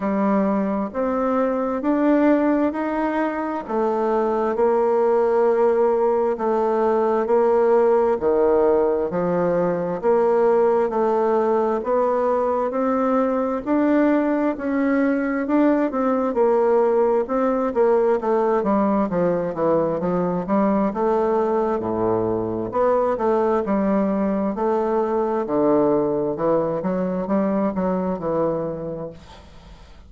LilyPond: \new Staff \with { instrumentName = "bassoon" } { \time 4/4 \tempo 4 = 66 g4 c'4 d'4 dis'4 | a4 ais2 a4 | ais4 dis4 f4 ais4 | a4 b4 c'4 d'4 |
cis'4 d'8 c'8 ais4 c'8 ais8 | a8 g8 f8 e8 f8 g8 a4 | a,4 b8 a8 g4 a4 | d4 e8 fis8 g8 fis8 e4 | }